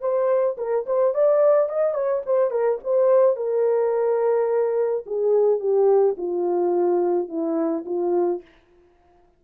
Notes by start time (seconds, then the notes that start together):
0.00 C5
0.57 A#4
0.86 C5
1.14 D5
1.68 D#5
1.94 C#5
2.25 C5
2.50 A#4
2.83 C5
3.36 A#4
5.06 G#4
5.59 G4
6.17 F4
7.28 E4
7.85 F4